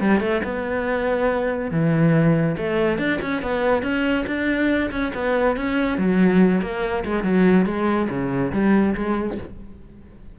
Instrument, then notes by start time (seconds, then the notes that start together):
cello
0.00 G3
0.20 A3
0.43 B3
1.71 E3
2.57 A3
2.98 D4
3.21 C#4
3.42 B3
3.82 C#4
4.26 D4
4.91 C#4
5.14 B3
5.56 C#4
5.97 F#3
6.61 A#3
7.05 G#3
7.23 F#3
7.65 G#3
8.09 C#3
8.52 G3
8.95 G#3